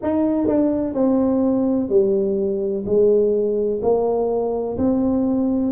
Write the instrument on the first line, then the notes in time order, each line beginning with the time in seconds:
tuba
0.02 D#4
0.47 D4
0.94 C4
1.89 G3
2.85 G#3
3.81 A#3
4.77 C4